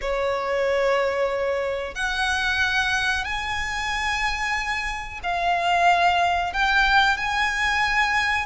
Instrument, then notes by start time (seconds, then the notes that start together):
violin
0.01 C#5
1.94 F#5
3.24 G#5
5.23 F5
6.53 G5
7.17 G#5